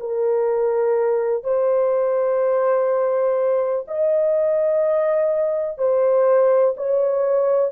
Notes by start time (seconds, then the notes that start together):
0.00 A#4
1.44 C5
3.88 D#5
5.78 C5
6.77 C#5